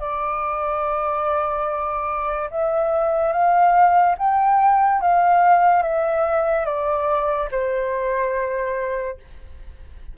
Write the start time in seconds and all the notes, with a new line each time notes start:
0.00 D5
2.51 E5
3.33 F5
4.18 G5
5.02 F5
5.83 E5
6.66 D5
7.52 C5